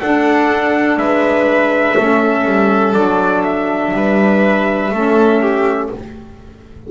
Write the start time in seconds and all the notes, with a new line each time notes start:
0.00 D4 A4 F#5
0.97 G#3 B4 E5
1.97 A3 C#4 A4
2.45 G3
2.94 F#3 D4 D5
3.43 E5
3.93 G3 B4
4.91 A3 C#4 A4
5.41 G4